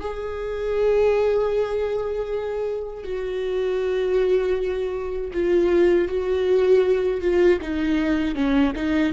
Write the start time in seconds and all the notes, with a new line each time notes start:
0.00 G#4
3.04 F#4
5.33 F4
6.08 F#4
7.21 F4
7.62 D#4
8.35 C#4
8.75 D#4